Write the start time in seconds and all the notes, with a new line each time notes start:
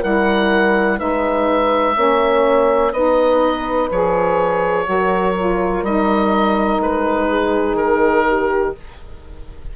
0.00 G3 E4 A#4 F#5
0.97 G#3 D#4 B4 E5
1.95 A#3 C#4 C#5
2.92 B3 D#4 B4 D#5
3.90 F3 G#4 C#5
4.84 F#3 F#4 A#4
5.37 F4
5.82 G3 D#4 D#5
6.79 G#3 B4
7.28 G#4
7.74 D#3 A#4
8.28 G4